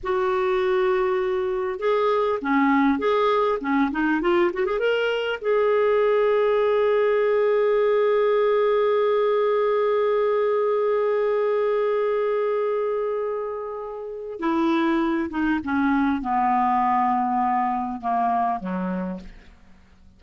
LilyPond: \new Staff \with { instrumentName = "clarinet" } { \time 4/4 \tempo 4 = 100 fis'2. gis'4 | cis'4 gis'4 cis'8 dis'8 f'8 fis'16 gis'16 | ais'4 gis'2.~ | gis'1~ |
gis'1~ | gis'1 | e'4. dis'8 cis'4 b4~ | b2 ais4 fis4 | }